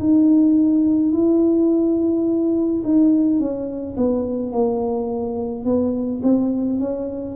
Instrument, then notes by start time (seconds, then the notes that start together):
tuba
0.00 D#4
1.13 E4
2.85 D#4
3.40 C#4
3.97 B3
4.52 A#3
5.65 B3
6.23 C4
6.80 C#4